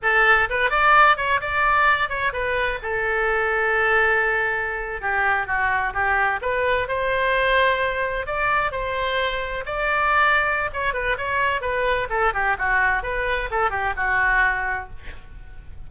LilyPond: \new Staff \with { instrumentName = "oboe" } { \time 4/4 \tempo 4 = 129 a'4 b'8 d''4 cis''8 d''4~ | d''8 cis''8 b'4 a'2~ | a'2~ a'8. g'4 fis'16~ | fis'8. g'4 b'4 c''4~ c''16~ |
c''4.~ c''16 d''4 c''4~ c''16~ | c''8. d''2~ d''16 cis''8 b'8 | cis''4 b'4 a'8 g'8 fis'4 | b'4 a'8 g'8 fis'2 | }